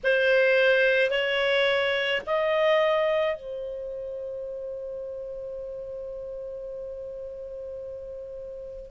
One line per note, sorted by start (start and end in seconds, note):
0.03 1.10 C5
1.10 2.21 C#5
2.26 3.36 D#5
3.36 8.90 C5